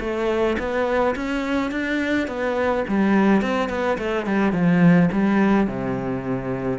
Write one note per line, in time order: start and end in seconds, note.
0.00 0.57 A3
0.59 1.15 B3
1.15 1.71 C#4
1.71 2.28 D4
2.28 2.84 B3
2.88 3.42 G3
3.42 3.69 C4
3.69 3.98 B3
3.98 4.26 A3
4.26 4.52 G3
4.52 5.09 F3
5.12 5.67 G3
5.67 6.79 C3